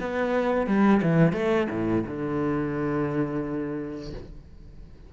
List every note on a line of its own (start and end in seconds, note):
0.00 0.66 B3
0.66 1.01 G3
1.02 1.33 E3
1.33 1.67 A3
1.70 2.05 A2
2.06 4.13 D3